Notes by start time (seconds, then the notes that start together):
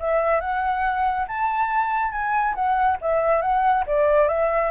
0.00 E5
0.41 F#5
1.28 A5
2.12 G#5
2.55 F#5
3.02 E5
3.42 F#5
3.87 D5
4.28 E5